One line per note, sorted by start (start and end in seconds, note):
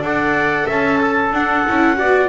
0.00 0.65 D4
0.00 1.31 A4
0.00 0.66 D5
0.00 0.68 F#5
0.66 1.32 C#4
0.66 0.98 E5
0.66 1.33 A5
1.01 1.97 A4
1.32 1.64 D4
1.32 1.66 D4
1.32 2.28 F#5
1.67 2.00 C#4
1.67 1.96 E4
1.96 2.28 B3
1.96 2.28 F#4
1.96 2.28 D5